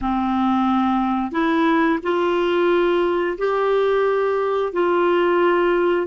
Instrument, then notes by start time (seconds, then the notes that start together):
clarinet
0.01 C4
1.31 E4
2.02 F4
3.37 G4
4.72 F4